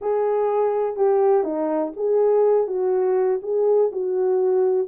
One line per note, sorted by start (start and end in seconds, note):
0.01 0.96 G#4
0.96 1.43 G4
1.43 1.92 D#4
1.96 2.67 G#4
2.67 3.40 F#4
3.42 3.91 G#4
3.92 4.87 F#4